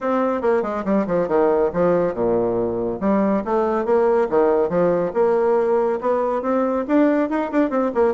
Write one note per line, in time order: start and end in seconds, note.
0.00 0.41 C4
0.41 0.62 A#3
0.62 0.84 G#3
0.84 1.06 G3
1.07 1.28 F3
1.28 1.70 D#3
1.73 2.14 F3
2.14 2.99 A#2
3.00 3.43 G3
3.44 3.85 A3
3.85 4.28 A#3
4.29 4.69 D#3
4.69 5.12 F3
5.13 5.99 A#3
6.00 6.42 B3
6.42 6.85 C4
6.87 7.29 D4
7.29 7.51 D#4
7.51 7.69 D4
7.69 7.91 C4
7.94 8.14 A#3